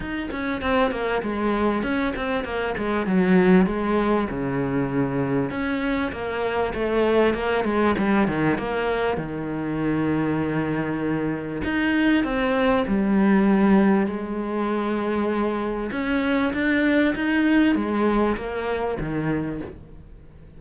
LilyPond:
\new Staff \with { instrumentName = "cello" } { \time 4/4 \tempo 4 = 98 dis'8 cis'8 c'8 ais8 gis4 cis'8 c'8 | ais8 gis8 fis4 gis4 cis4~ | cis4 cis'4 ais4 a4 | ais8 gis8 g8 dis8 ais4 dis4~ |
dis2. dis'4 | c'4 g2 gis4~ | gis2 cis'4 d'4 | dis'4 gis4 ais4 dis4 | }